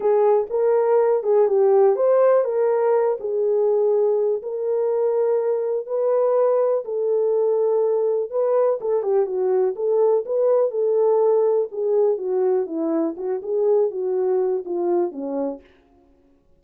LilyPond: \new Staff \with { instrumentName = "horn" } { \time 4/4 \tempo 4 = 123 gis'4 ais'4. gis'8 g'4 | c''4 ais'4. gis'4.~ | gis'4 ais'2. | b'2 a'2~ |
a'4 b'4 a'8 g'8 fis'4 | a'4 b'4 a'2 | gis'4 fis'4 e'4 fis'8 gis'8~ | gis'8 fis'4. f'4 cis'4 | }